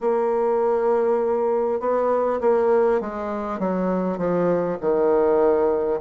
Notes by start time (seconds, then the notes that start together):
0.00 A#3
1.80 B3
2.40 A#3
3.00 G#3
3.59 F#3
4.18 F3
4.80 D#3